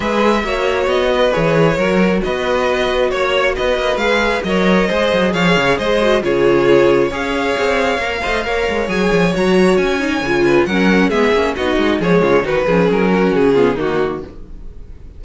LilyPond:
<<
  \new Staff \with { instrumentName = "violin" } { \time 4/4 \tempo 4 = 135 e''2 dis''4 cis''4~ | cis''4 dis''2 cis''4 | dis''4 f''4 dis''2 | f''4 dis''4 cis''2 |
f''1 | gis''4 ais''4 gis''2 | fis''4 e''4 dis''4 cis''4 | b'4 ais'4 gis'4 fis'4 | }
  \new Staff \with { instrumentName = "violin" } { \time 4/4 b'4 cis''4. b'4. | ais'4 b'2 cis''4 | b'2 cis''4 c''4 | cis''4 c''4 gis'2 |
cis''2~ cis''8 dis''8 cis''4~ | cis''2.~ cis''8 b'8 | ais'4 gis'4 fis'4 gis'8 f'8 | fis'8 gis'4 fis'4 f'8 dis'4 | }
  \new Staff \with { instrumentName = "viola" } { \time 4/4 gis'4 fis'2 gis'4 | fis'1~ | fis'4 gis'4 ais'4 gis'4~ | gis'4. fis'8 f'2 |
gis'2 ais'8 c''8 ais'4 | gis'4 fis'4. dis'8 f'4 | cis'4 b8 cis'8 dis'4 gis4 | dis'8 cis'2 b8 ais4 | }
  \new Staff \with { instrumentName = "cello" } { \time 4/4 gis4 ais4 b4 e4 | fis4 b2 ais4 | b8 ais8 gis4 fis4 gis8 fis8 | f8 cis8 gis4 cis2 |
cis'4 c'4 ais8 a8 ais8 gis8 | fis8 f8 fis4 cis'4 cis4 | fis4 gis8 ais8 b8 gis8 f8 cis8 | dis8 f8 fis4 cis4 dis4 | }
>>